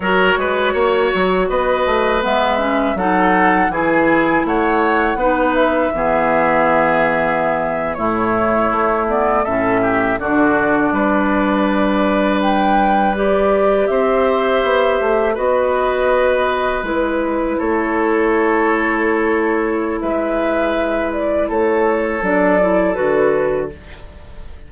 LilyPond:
<<
  \new Staff \with { instrumentName = "flute" } { \time 4/4 \tempo 4 = 81 cis''2 dis''4 e''4 | fis''4 gis''4 fis''4. e''8~ | e''2~ e''8. cis''4~ cis''16~ | cis''16 d''8 e''4 d''2~ d''16~ |
d''8. g''4 d''4 e''4~ e''16~ | e''8. dis''2 b'4 cis''16~ | cis''2. e''4~ | e''8 d''8 cis''4 d''4 b'4 | }
  \new Staff \with { instrumentName = "oboe" } { \time 4/4 ais'8 b'8 cis''4 b'2 | a'4 gis'4 cis''4 b'4 | gis'2~ gis'8. e'4~ e'16~ | e'8. a'8 g'8 fis'4 b'4~ b'16~ |
b'2~ b'8. c''4~ c''16~ | c''8. b'2. a'16~ | a'2. b'4~ | b'4 a'2. | }
  \new Staff \with { instrumentName = "clarinet" } { \time 4/4 fis'2. b8 cis'8 | dis'4 e'2 dis'4 | b2~ b8. a4~ a16~ | a16 b8 cis'4 d'2~ d'16~ |
d'4.~ d'16 g'2~ g'16~ | g'8. fis'2 e'4~ e'16~ | e'1~ | e'2 d'8 e'8 fis'4 | }
  \new Staff \with { instrumentName = "bassoon" } { \time 4/4 fis8 gis8 ais8 fis8 b8 a8 gis4 | fis4 e4 a4 b4 | e2~ e8. a,4 a16~ | a8. a,4 d4 g4~ g16~ |
g2~ g8. c'4 b16~ | b16 a8 b2 gis4 a16~ | a2. gis4~ | gis4 a4 fis4 d4 | }
>>